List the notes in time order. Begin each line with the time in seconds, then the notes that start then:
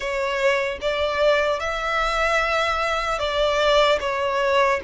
0.00 C#5
0.81 D5
1.59 E5
3.19 D5
4.00 C#5